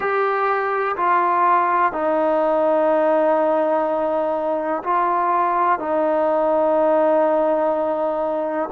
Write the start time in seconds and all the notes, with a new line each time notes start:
0.00 G4
0.96 F4
1.92 D#4
4.83 F4
5.78 D#4